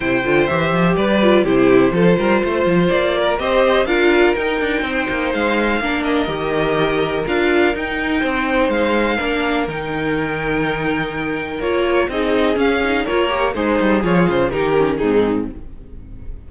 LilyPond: <<
  \new Staff \with { instrumentName = "violin" } { \time 4/4 \tempo 4 = 124 g''4 e''4 d''4 c''4~ | c''2 d''4 dis''4 | f''4 g''2 f''4~ | f''8 dis''2~ dis''8 f''4 |
g''2 f''2 | g''1 | cis''4 dis''4 f''4 cis''4 | c''4 cis''8 c''8 ais'4 gis'4 | }
  \new Staff \with { instrumentName = "violin" } { \time 4/4 c''2 b'4 g'4 | a'8 ais'8 c''4. ais'8 c''4 | ais'2 c''2 | ais'1~ |
ais'4 c''2 ais'4~ | ais'1~ | ais'4 gis'2 ais'4 | dis'4 f'4 g'4 dis'4 | }
  \new Staff \with { instrumentName = "viola" } { \time 4/4 e'8 f'8 g'4. f'8 e'4 | f'2. g'4 | f'4 dis'2. | d'4 g'2 f'4 |
dis'2. d'4 | dis'1 | f'4 dis'4 cis'8 dis'8 f'8 g'8 | gis'2 dis'8 cis'8 c'4 | }
  \new Staff \with { instrumentName = "cello" } { \time 4/4 c8 d8 e8 f8 g4 c4 | f8 g8 a8 f8 ais4 c'4 | d'4 dis'8 d'8 c'8 ais8 gis4 | ais4 dis2 d'4 |
dis'4 c'4 gis4 ais4 | dis1 | ais4 c'4 cis'4 ais4 | gis8 g8 f8 cis8 dis4 gis,4 | }
>>